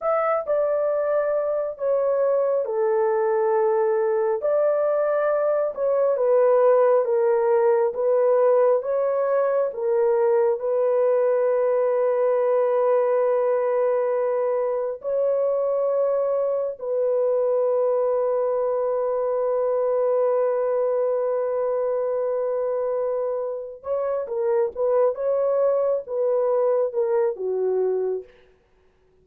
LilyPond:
\new Staff \with { instrumentName = "horn" } { \time 4/4 \tempo 4 = 68 e''8 d''4. cis''4 a'4~ | a'4 d''4. cis''8 b'4 | ais'4 b'4 cis''4 ais'4 | b'1~ |
b'4 cis''2 b'4~ | b'1~ | b'2. cis''8 ais'8 | b'8 cis''4 b'4 ais'8 fis'4 | }